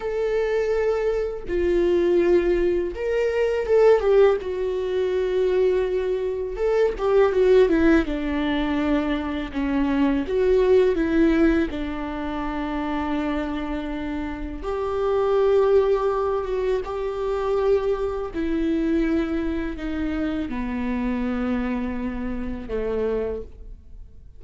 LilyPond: \new Staff \with { instrumentName = "viola" } { \time 4/4 \tempo 4 = 82 a'2 f'2 | ais'4 a'8 g'8 fis'2~ | fis'4 a'8 g'8 fis'8 e'8 d'4~ | d'4 cis'4 fis'4 e'4 |
d'1 | g'2~ g'8 fis'8 g'4~ | g'4 e'2 dis'4 | b2. a4 | }